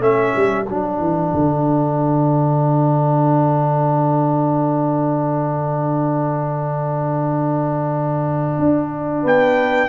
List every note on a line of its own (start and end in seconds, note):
0.00 0.33 A3
0.00 0.66 C#4
0.00 9.23 A4
0.00 0.66 E5
0.36 0.69 G3
0.66 1.00 F#3
0.66 9.89 D4
0.66 9.23 F#5
1.00 1.33 E3
1.34 8.59 D3
8.59 9.25 D4
9.23 9.89 B3
9.23 9.89 B4
9.23 9.89 G5